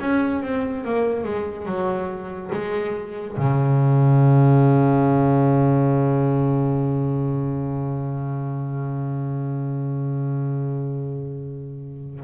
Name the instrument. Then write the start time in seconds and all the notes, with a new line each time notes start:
double bass
0.00 C#4
0.42 C4
0.85 A#3
1.24 G#3
1.66 F#3
2.53 G#3
3.37 C#3